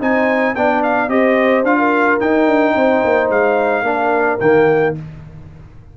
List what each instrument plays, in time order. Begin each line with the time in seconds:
0.00 tuba C4, trombone D#4, horn C5, trumpet G#5
0.55 tuba B3, trombone D4, horn D5, trumpet G5
0.83 trumpet F5
1.08 tuba C4, trombone G4, horn C5, trumpet D#5
1.63 tuba D4, trombone F4, trumpet F5
1.78 horn A#4
2.20 trombone D#4, tuba D#4, trumpet G5
2.47 tuba D4
2.74 tuba C4, horn C5
3.04 tuba A#3
3.30 tuba G#3, trumpet F5
3.82 tuba A#3, trombone D4, horn A#4
4.40 tuba D#3, trombone A#3, trumpet G5